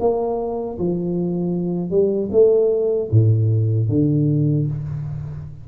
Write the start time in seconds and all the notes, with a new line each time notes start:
0.00 A#3
0.79 F3
1.90 G3
2.32 A3
3.11 A2
3.89 D3